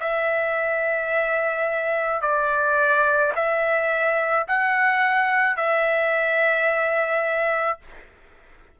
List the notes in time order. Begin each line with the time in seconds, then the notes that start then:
0.00 E5
2.21 D5
3.35 E5
4.48 F#5
5.57 E5